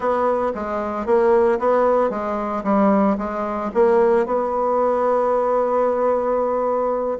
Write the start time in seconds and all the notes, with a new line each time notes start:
0.00 B3
0.55 G#3
1.05 A#3
1.59 B3
2.09 G#3
2.63 G3
3.18 G#3
3.73 A#3
4.26 B3